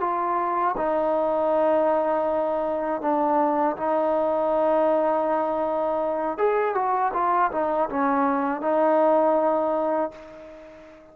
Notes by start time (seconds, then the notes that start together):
0.00 F4
0.77 D#4
3.01 D4
3.76 D#4
6.38 G#4
6.74 F#4
7.13 F4
7.51 D#4
7.89 C#4
8.61 D#4